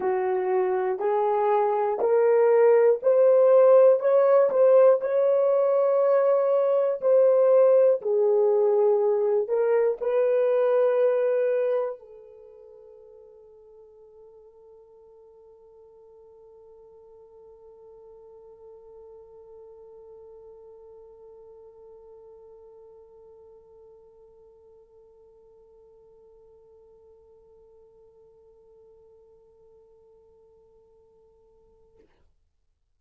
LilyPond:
\new Staff \with { instrumentName = "horn" } { \time 4/4 \tempo 4 = 60 fis'4 gis'4 ais'4 c''4 | cis''8 c''8 cis''2 c''4 | gis'4. ais'8 b'2 | a'1~ |
a'1~ | a'1~ | a'1~ | a'1 | }